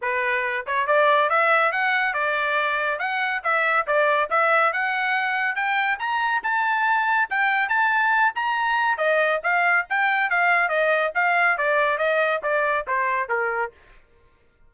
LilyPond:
\new Staff \with { instrumentName = "trumpet" } { \time 4/4 \tempo 4 = 140 b'4. cis''8 d''4 e''4 | fis''4 d''2 fis''4 | e''4 d''4 e''4 fis''4~ | fis''4 g''4 ais''4 a''4~ |
a''4 g''4 a''4. ais''8~ | ais''4 dis''4 f''4 g''4 | f''4 dis''4 f''4 d''4 | dis''4 d''4 c''4 ais'4 | }